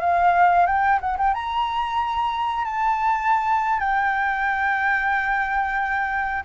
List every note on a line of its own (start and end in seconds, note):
0.00 0.66 F5
0.66 0.99 G5
1.01 1.17 F#5
1.17 1.34 G5
1.34 2.65 A#5
2.65 3.79 A5
3.79 6.43 G5